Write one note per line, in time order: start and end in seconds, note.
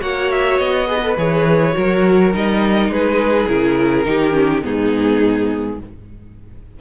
0.00 0.59 A#3
0.00 0.87 F#4
0.00 0.88 C#5
0.00 0.31 F#5
0.31 0.58 E5
0.58 1.17 B3
0.58 1.16 D#5
0.87 1.01 G#4
0.87 1.75 B4
1.03 1.17 A4
1.17 1.75 E3
1.17 1.73 G#4
1.17 2.33 C#5
1.73 2.34 F#3
1.73 2.30 F#4
1.73 2.92 A#4
2.34 2.89 G3
2.34 3.48 D#4
2.34 2.92 D#5
2.89 3.47 G#3
2.89 4.07 G#4
2.89 3.48 B4
3.48 4.06 C#3
3.48 4.05 E4
3.48 4.63 A#4
4.05 4.63 D#3
4.05 4.31 D#4
4.05 4.65 G4
4.31 4.60 C#4
4.62 5.81 G#2
4.62 5.78 B3
4.62 5.80 D#4
4.62 5.80 G#4